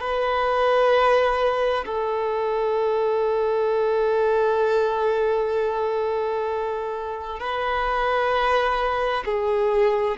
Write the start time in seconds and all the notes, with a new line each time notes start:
0.00 B4
1.85 A4
7.39 B4
9.25 G#4